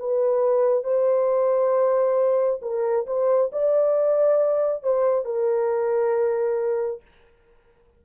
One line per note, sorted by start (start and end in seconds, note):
0.00 0.84 B4
0.84 2.61 C5
2.62 3.06 A#4
3.07 3.51 C5
3.53 4.84 D5
4.84 5.26 C5
5.26 7.02 A#4